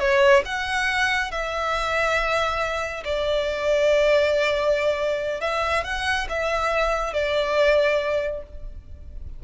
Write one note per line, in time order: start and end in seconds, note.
0.00 0.43 C#5
0.45 1.31 F#5
1.31 3.04 E5
3.05 5.41 D5
5.41 5.84 E5
5.84 6.27 F#5
6.29 7.13 E5
7.13 8.43 D5